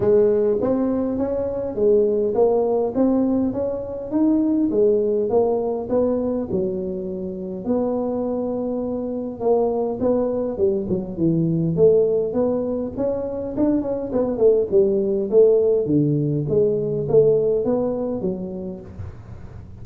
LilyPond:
\new Staff \with { instrumentName = "tuba" } { \time 4/4 \tempo 4 = 102 gis4 c'4 cis'4 gis4 | ais4 c'4 cis'4 dis'4 | gis4 ais4 b4 fis4~ | fis4 b2. |
ais4 b4 g8 fis8 e4 | a4 b4 cis'4 d'8 cis'8 | b8 a8 g4 a4 d4 | gis4 a4 b4 fis4 | }